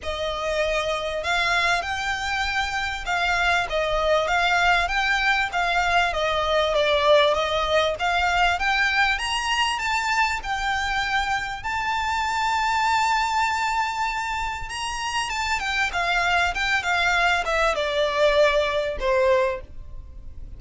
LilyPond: \new Staff \with { instrumentName = "violin" } { \time 4/4 \tempo 4 = 98 dis''2 f''4 g''4~ | g''4 f''4 dis''4 f''4 | g''4 f''4 dis''4 d''4 | dis''4 f''4 g''4 ais''4 |
a''4 g''2 a''4~ | a''1 | ais''4 a''8 g''8 f''4 g''8 f''8~ | f''8 e''8 d''2 c''4 | }